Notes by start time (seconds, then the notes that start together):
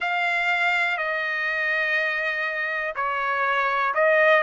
0.00 F5
0.97 D#5
2.95 C#5
3.94 D#5